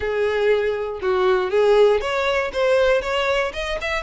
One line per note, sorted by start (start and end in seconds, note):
0.00 1.00 G#4
1.01 1.50 F#4
1.50 2.01 G#4
2.01 2.51 C#5
2.53 3.01 C5
3.01 3.52 C#5
3.53 3.78 D#5
3.81 4.03 E5